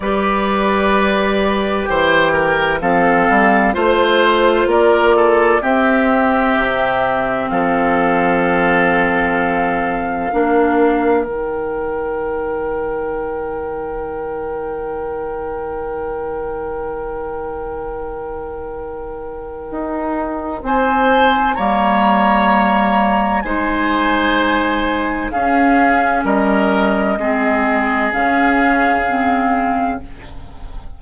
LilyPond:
<<
  \new Staff \with { instrumentName = "flute" } { \time 4/4 \tempo 4 = 64 d''2 g''4 f''4 | c''4 d''4 e''2 | f''1 | g''1~ |
g''1~ | g''2 gis''4 ais''4~ | ais''4 gis''2 f''4 | dis''2 f''2 | }
  \new Staff \with { instrumentName = "oboe" } { \time 4/4 b'2 c''8 ais'8 a'4 | c''4 ais'8 a'8 g'2 | a'2. ais'4~ | ais'1~ |
ais'1~ | ais'2 c''4 cis''4~ | cis''4 c''2 gis'4 | ais'4 gis'2. | }
  \new Staff \with { instrumentName = "clarinet" } { \time 4/4 g'2. c'4 | f'2 c'2~ | c'2. d'4 | dis'1~ |
dis'1~ | dis'2. ais4~ | ais4 dis'2 cis'4~ | cis'4 c'4 cis'4 c'4 | }
  \new Staff \with { instrumentName = "bassoon" } { \time 4/4 g2 e4 f8 g8 | a4 ais4 c'4 c4 | f2. ais4 | dis1~ |
dis1~ | dis4 dis'4 c'4 g4~ | g4 gis2 cis'4 | g4 gis4 cis2 | }
>>